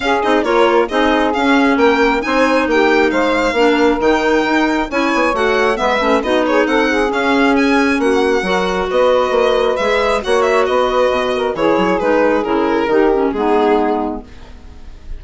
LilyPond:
<<
  \new Staff \with { instrumentName = "violin" } { \time 4/4 \tempo 4 = 135 f''8 dis''8 cis''4 dis''4 f''4 | g''4 gis''4 g''4 f''4~ | f''4 g''2 gis''4 | fis''4 e''4 dis''8 cis''8 fis''4 |
f''4 gis''4 fis''2 | dis''2 e''4 fis''8 e''8 | dis''2 cis''4 b'4 | ais'2 gis'2 | }
  \new Staff \with { instrumentName = "saxophone" } { \time 4/4 gis'4 ais'4 gis'2 | ais'4 c''4 g'4 c''4 | ais'2. cis''4~ | cis''4 b'4 fis'8 gis'8 a'8 gis'8~ |
gis'2 fis'4 ais'4 | b'2. cis''4 | b'4. ais'8 gis'2~ | gis'4 g'4 dis'2 | }
  \new Staff \with { instrumentName = "clarinet" } { \time 4/4 cis'8 dis'8 f'4 dis'4 cis'4~ | cis'4 dis'2. | d'4 dis'2 e'4 | fis'4 b8 cis'8 dis'2 |
cis'2. fis'4~ | fis'2 gis'4 fis'4~ | fis'2 e'4 dis'4 | e'4 dis'8 cis'8 b2 | }
  \new Staff \with { instrumentName = "bassoon" } { \time 4/4 cis'8 c'8 ais4 c'4 cis'4 | ais4 c'4 ais4 gis4 | ais4 dis4 dis'4 cis'8 b8 | a4 gis8 a8 b4 c'4 |
cis'2 ais4 fis4 | b4 ais4 gis4 ais4 | b4 b,4 e8 fis8 gis4 | cis4 dis4 gis2 | }
>>